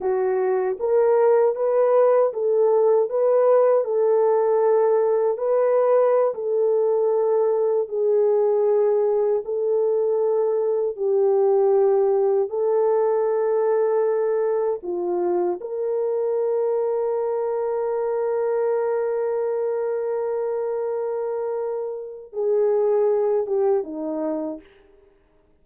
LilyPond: \new Staff \with { instrumentName = "horn" } { \time 4/4 \tempo 4 = 78 fis'4 ais'4 b'4 a'4 | b'4 a'2 b'4~ | b'16 a'2 gis'4.~ gis'16~ | gis'16 a'2 g'4.~ g'16~ |
g'16 a'2. f'8.~ | f'16 ais'2.~ ais'8.~ | ais'1~ | ais'4 gis'4. g'8 dis'4 | }